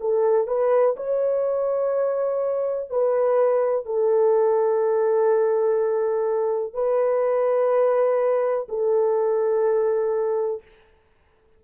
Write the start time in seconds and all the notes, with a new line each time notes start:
0.00 A4
0.47 B4
0.96 C#5
2.90 B4
3.85 A4
6.73 B4
8.68 A4